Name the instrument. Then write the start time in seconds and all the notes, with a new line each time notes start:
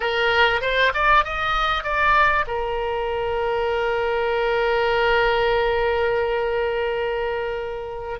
oboe
0.00 A#4
0.61 C5
0.94 D5
1.24 D#5
1.83 D5
2.47 A#4